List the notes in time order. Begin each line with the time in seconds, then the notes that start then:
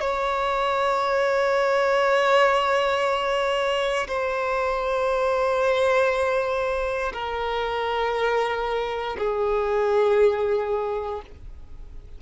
0.00 C#5
4.07 C5
7.13 A#4
9.18 G#4